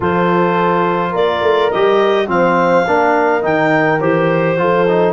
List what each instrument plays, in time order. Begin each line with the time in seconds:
0.00 tuba F3, trombone F4, horn A4, clarinet C5
1.11 tuba A#3, horn A#4, clarinet D5
1.41 tuba A3
1.70 tuba G3, trombone G4, clarinet D#5
2.27 tuba F3, trombone C4, horn C5, clarinet F5
2.86 tuba A#3, trombone D4, horn A#4
3.41 tuba D#3, trombone D#4, clarinet G5
4.00 tuba E3, trombone G4, clarinet C5
4.57 tuba F3, trombone F4, horn A4
4.87 trombone D#4